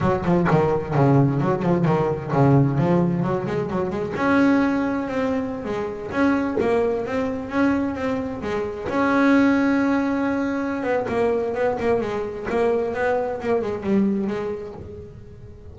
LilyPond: \new Staff \with { instrumentName = "double bass" } { \time 4/4 \tempo 4 = 130 fis8 f8 dis4 cis4 fis8 f8 | dis4 cis4 f4 fis8 gis8 | fis8 gis8 cis'2 c'4~ | c'16 gis4 cis'4 ais4 c'8.~ |
c'16 cis'4 c'4 gis4 cis'8.~ | cis'2.~ cis'8 b8 | ais4 b8 ais8 gis4 ais4 | b4 ais8 gis8 g4 gis4 | }